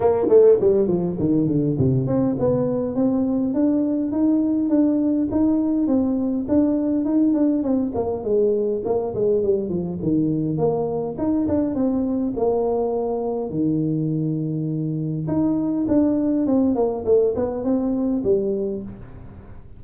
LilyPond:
\new Staff \with { instrumentName = "tuba" } { \time 4/4 \tempo 4 = 102 ais8 a8 g8 f8 dis8 d8 c8 c'8 | b4 c'4 d'4 dis'4 | d'4 dis'4 c'4 d'4 | dis'8 d'8 c'8 ais8 gis4 ais8 gis8 |
g8 f8 dis4 ais4 dis'8 d'8 | c'4 ais2 dis4~ | dis2 dis'4 d'4 | c'8 ais8 a8 b8 c'4 g4 | }